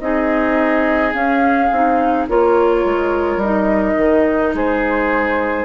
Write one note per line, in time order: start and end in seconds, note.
0.00 1.13 C4
0.00 1.12 D#4
0.00 2.29 G#4
0.00 1.13 D#5
1.12 1.69 C#4
1.12 1.71 C#4
1.12 2.27 F5
1.71 2.28 C4
1.71 2.29 D#4
2.28 2.85 A#3
2.28 3.42 F4
2.28 4.56 A#4
2.28 3.41 C#5
2.85 3.37 G#3
3.37 3.93 G3
3.37 4.54 D#5
3.43 5.65 D#4
3.97 4.54 D#3
4.54 5.65 G#3
4.54 5.65 G#4
4.54 5.65 C5